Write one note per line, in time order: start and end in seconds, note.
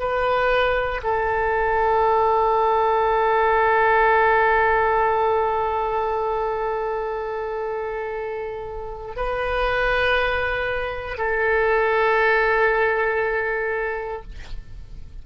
0.00 1.02 B4
1.04 9.17 A4
9.17 11.18 B4
11.18 14.23 A4